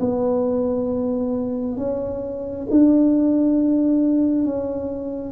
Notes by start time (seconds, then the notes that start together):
0.00 B3
1.77 C#4
2.70 D4
4.45 C#4